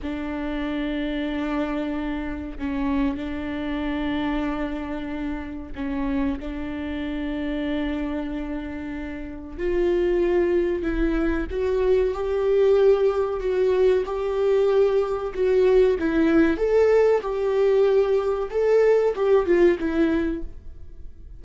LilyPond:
\new Staff \with { instrumentName = "viola" } { \time 4/4 \tempo 4 = 94 d'1 | cis'4 d'2.~ | d'4 cis'4 d'2~ | d'2. f'4~ |
f'4 e'4 fis'4 g'4~ | g'4 fis'4 g'2 | fis'4 e'4 a'4 g'4~ | g'4 a'4 g'8 f'8 e'4 | }